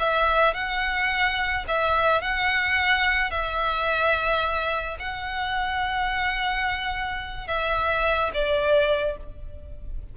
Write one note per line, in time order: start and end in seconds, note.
0.00 0.54 E5
0.54 1.65 F#5
1.68 2.22 E5
2.22 3.31 F#5
3.31 4.97 E5
5.00 7.48 F#5
7.48 8.31 E5
8.34 9.17 D5